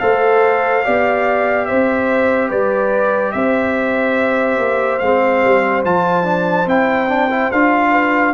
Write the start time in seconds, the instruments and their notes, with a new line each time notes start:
0.00 tuba A3, trombone A4, horn C5, trumpet F5
0.85 tuba B3, trombone G4, horn D5
1.66 tuba C4, horn C5, trumpet E5
2.49 tuba G3, horn B4, trumpet D5
3.32 tuba C4, horn C5, trumpet E5
4.59 tuba A#3
4.99 tuba G#3, trombone C4, trumpet F5
5.45 tuba G3
5.85 tuba F3, trombone F4, trumpet A5
6.24 trombone D4
6.66 tuba C4, trombone E4, trumpet G5
7.09 trombone D4
7.31 trombone E4
7.52 tuba D4, trombone F4, trumpet F5
7.92 horn B4